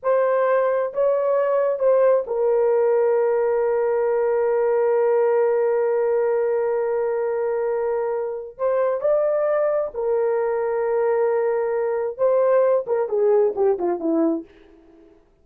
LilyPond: \new Staff \with { instrumentName = "horn" } { \time 4/4 \tempo 4 = 133 c''2 cis''2 | c''4 ais'2.~ | ais'1~ | ais'1~ |
ais'2. c''4 | d''2 ais'2~ | ais'2. c''4~ | c''8 ais'8 gis'4 g'8 f'8 e'4 | }